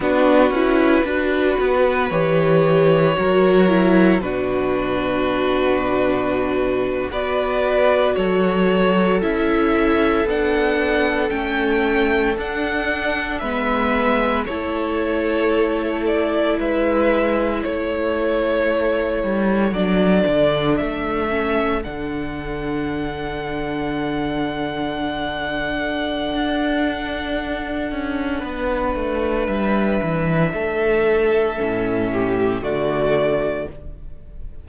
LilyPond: <<
  \new Staff \with { instrumentName = "violin" } { \time 4/4 \tempo 4 = 57 b'2 cis''2 | b'2~ b'8. d''4 cis''16~ | cis''8. e''4 fis''4 g''4 fis''16~ | fis''8. e''4 cis''4. d''8 e''16~ |
e''8. cis''2 d''4 e''16~ | e''8. fis''2.~ fis''16~ | fis''1 | e''2. d''4 | }
  \new Staff \with { instrumentName = "violin" } { \time 4/4 fis'4 b'2 ais'4 | fis'2~ fis'8. b'4 a'16~ | a'1~ | a'8. b'4 a'2 b'16~ |
b'8. a'2.~ a'16~ | a'1~ | a'2. b'4~ | b'4 a'4. g'8 fis'4 | }
  \new Staff \with { instrumentName = "viola" } { \time 4/4 d'8 e'8 fis'4 g'4 fis'8 e'8 | d'2~ d'8. fis'4~ fis'16~ | fis'8. e'4 d'4 cis'4 d'16~ | d'8. b4 e'2~ e'16~ |
e'2~ e'8. d'4~ d'16~ | d'16 cis'8 d'2.~ d'16~ | d'1~ | d'2 cis'4 a4 | }
  \new Staff \with { instrumentName = "cello" } { \time 4/4 b8 cis'8 d'8 b8 e4 fis4 | b,2~ b,8. b4 fis16~ | fis8. cis'4 b4 a4 d'16~ | d'8. gis4 a2 gis16~ |
gis8. a4. g8 fis8 d8 a16~ | a8. d2.~ d16~ | d4 d'4. cis'8 b8 a8 | g8 e8 a4 a,4 d4 | }
>>